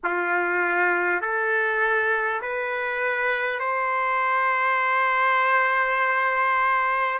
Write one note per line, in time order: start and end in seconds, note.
0.03 1.21 F4
1.21 2.41 A4
2.41 3.59 B4
3.59 7.19 C5